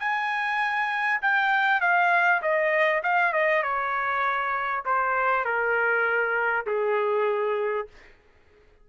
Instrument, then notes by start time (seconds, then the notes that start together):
trumpet
0.00 G#5
1.22 G5
1.81 F5
2.42 D#5
3.03 F5
3.33 D#5
3.63 C#5
4.85 C5
5.45 A#4
6.67 G#4